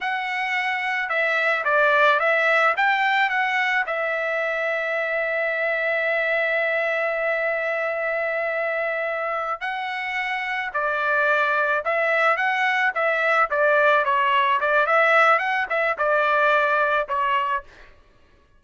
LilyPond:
\new Staff \with { instrumentName = "trumpet" } { \time 4/4 \tempo 4 = 109 fis''2 e''4 d''4 | e''4 g''4 fis''4 e''4~ | e''1~ | e''1~ |
e''4. fis''2 d''8~ | d''4. e''4 fis''4 e''8~ | e''8 d''4 cis''4 d''8 e''4 | fis''8 e''8 d''2 cis''4 | }